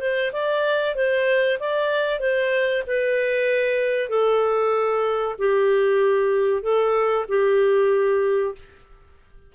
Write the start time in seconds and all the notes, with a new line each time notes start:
0.00 C5
0.32 D5
0.95 C5
1.60 D5
2.20 C5
2.87 B4
4.09 A4
5.39 G4
6.62 A4
7.29 G4